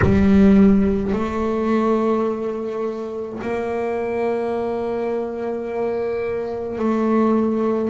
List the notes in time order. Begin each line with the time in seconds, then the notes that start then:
0.02 G3
1.13 A3
3.41 A#3
6.78 A3